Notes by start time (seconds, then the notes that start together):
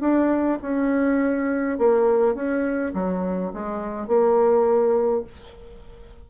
0.00 D4
0.61 C#4
1.78 A#3
2.34 C#4
2.94 F#3
3.53 G#3
4.07 A#3